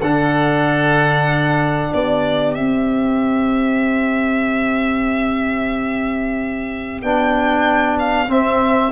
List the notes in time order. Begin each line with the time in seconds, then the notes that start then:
0.00 D3 D4 A4 F#5
1.89 B3 G4 D5
2.54 C4 E5
7.02 B3 D4 G5
7.99 F5
8.28 C4 E5